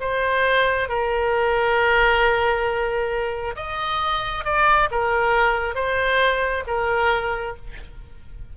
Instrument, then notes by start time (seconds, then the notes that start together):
oboe
0.00 C5
0.89 A#4
3.56 D#5
4.44 D5
4.91 A#4
5.75 C5
6.67 A#4